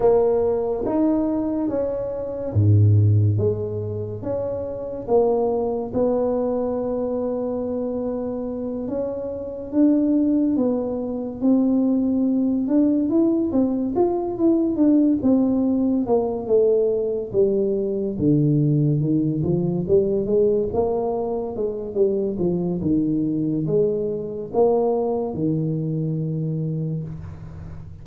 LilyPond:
\new Staff \with { instrumentName = "tuba" } { \time 4/4 \tempo 4 = 71 ais4 dis'4 cis'4 gis,4 | gis4 cis'4 ais4 b4~ | b2~ b8 cis'4 d'8~ | d'8 b4 c'4. d'8 e'8 |
c'8 f'8 e'8 d'8 c'4 ais8 a8~ | a8 g4 d4 dis8 f8 g8 | gis8 ais4 gis8 g8 f8 dis4 | gis4 ais4 dis2 | }